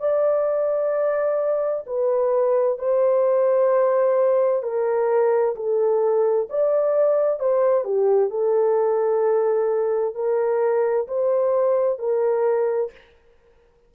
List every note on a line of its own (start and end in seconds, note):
0.00 1.85 D5
1.86 2.78 B4
2.78 4.63 C5
4.63 5.55 A#4
5.56 6.48 A4
6.50 7.40 D5
7.40 7.85 C5
7.85 8.30 G4
8.30 10.15 A4
10.15 11.07 A#4
11.08 11.99 C5
11.99 12.91 A#4